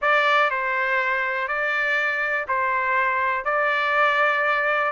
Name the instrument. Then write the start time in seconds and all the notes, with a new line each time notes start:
trumpet
0.01 D5
0.50 C5
1.48 D5
2.48 C5
3.44 D5